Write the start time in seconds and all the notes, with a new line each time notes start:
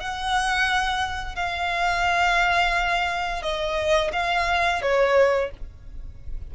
0.00 F#5
1.35 F5
3.42 D#5
4.13 F5
4.82 C#5